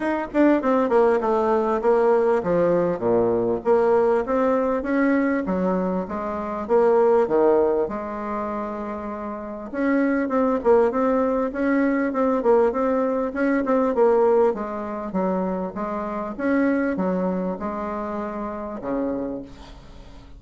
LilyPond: \new Staff \with { instrumentName = "bassoon" } { \time 4/4 \tempo 4 = 99 dis'8 d'8 c'8 ais8 a4 ais4 | f4 ais,4 ais4 c'4 | cis'4 fis4 gis4 ais4 | dis4 gis2. |
cis'4 c'8 ais8 c'4 cis'4 | c'8 ais8 c'4 cis'8 c'8 ais4 | gis4 fis4 gis4 cis'4 | fis4 gis2 cis4 | }